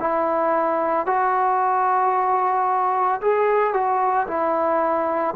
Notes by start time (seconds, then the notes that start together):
0.00 E4
1.07 F#4
3.22 G#4
3.74 F#4
4.28 E4